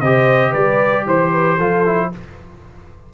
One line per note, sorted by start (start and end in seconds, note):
0.00 0.53 C3
0.00 1.59 G4
0.00 0.50 C5
0.00 0.53 D#5
0.50 1.06 G3
0.50 1.03 B4
0.50 1.06 D5
1.06 1.58 E3
1.06 1.32 C5
1.06 2.13 C5
1.32 1.57 B4
1.57 2.11 F3
1.57 1.85 F4
1.57 2.09 A4
1.85 2.11 E4